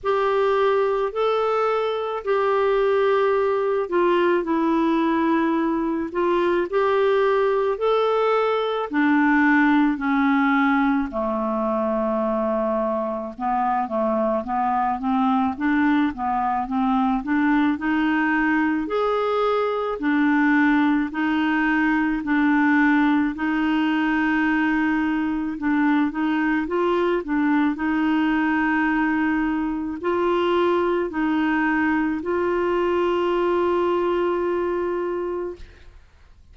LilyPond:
\new Staff \with { instrumentName = "clarinet" } { \time 4/4 \tempo 4 = 54 g'4 a'4 g'4. f'8 | e'4. f'8 g'4 a'4 | d'4 cis'4 a2 | b8 a8 b8 c'8 d'8 b8 c'8 d'8 |
dis'4 gis'4 d'4 dis'4 | d'4 dis'2 d'8 dis'8 | f'8 d'8 dis'2 f'4 | dis'4 f'2. | }